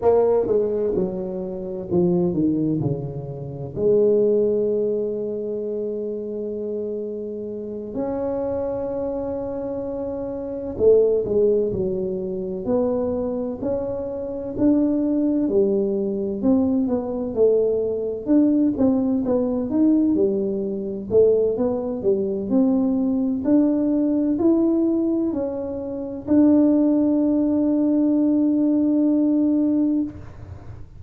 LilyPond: \new Staff \with { instrumentName = "tuba" } { \time 4/4 \tempo 4 = 64 ais8 gis8 fis4 f8 dis8 cis4 | gis1~ | gis8 cis'2. a8 | gis8 fis4 b4 cis'4 d'8~ |
d'8 g4 c'8 b8 a4 d'8 | c'8 b8 dis'8 g4 a8 b8 g8 | c'4 d'4 e'4 cis'4 | d'1 | }